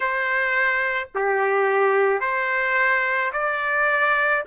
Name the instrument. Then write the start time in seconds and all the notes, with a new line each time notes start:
trumpet
0.00 C5
1.15 G4
2.20 C5
3.32 D5